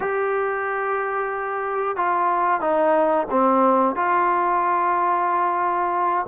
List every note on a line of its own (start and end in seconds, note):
0.00 1.96 G4
1.96 2.60 F4
2.60 3.26 D#4
3.30 3.95 C4
3.95 6.26 F4